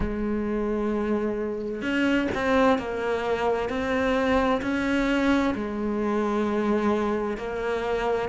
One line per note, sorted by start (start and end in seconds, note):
0.00 1.82 G#3
1.82 2.28 C#4
2.35 2.78 C4
2.78 3.69 A#3
3.69 4.61 C4
4.62 5.54 C#4
5.54 7.37 G#3
7.37 8.29 A#3